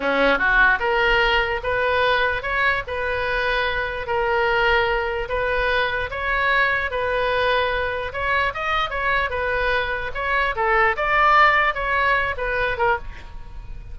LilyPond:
\new Staff \with { instrumentName = "oboe" } { \time 4/4 \tempo 4 = 148 cis'4 fis'4 ais'2 | b'2 cis''4 b'4~ | b'2 ais'2~ | ais'4 b'2 cis''4~ |
cis''4 b'2. | cis''4 dis''4 cis''4 b'4~ | b'4 cis''4 a'4 d''4~ | d''4 cis''4. b'4 ais'8 | }